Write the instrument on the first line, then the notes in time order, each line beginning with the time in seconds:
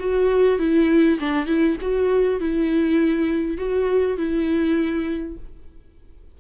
viola
0.00 F#4
0.59 E4
1.20 D4
1.46 E4
1.81 F#4
2.40 E4
3.58 F#4
4.18 E4